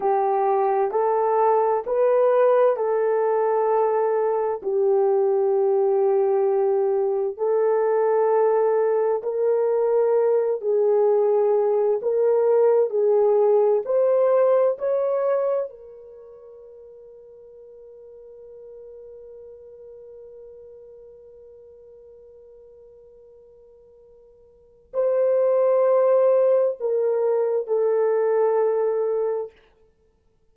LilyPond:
\new Staff \with { instrumentName = "horn" } { \time 4/4 \tempo 4 = 65 g'4 a'4 b'4 a'4~ | a'4 g'2. | a'2 ais'4. gis'8~ | gis'4 ais'4 gis'4 c''4 |
cis''4 ais'2.~ | ais'1~ | ais'2. c''4~ | c''4 ais'4 a'2 | }